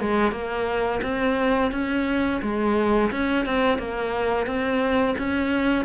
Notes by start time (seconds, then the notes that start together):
0.00 G#3
0.31 A#3
1.02 C4
1.71 C#4
2.42 G#3
3.11 C#4
3.45 C4
3.78 A#3
4.46 C4
5.18 C#4